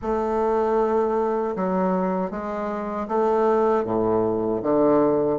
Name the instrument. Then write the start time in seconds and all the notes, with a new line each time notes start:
bassoon
0.01 A3
1.56 F#3
2.30 G#3
3.08 A3
3.84 A2
4.62 D3